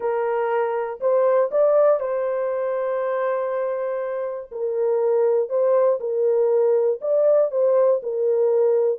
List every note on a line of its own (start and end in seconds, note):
0.00 1.00 A#4
1.00 1.50 C5
1.51 2.00 D5
2.00 4.50 C5
4.51 5.49 A#4
5.49 5.99 C5
6.00 7.00 A#4
7.01 7.51 D5
7.51 8.01 C5
8.03 8.99 A#4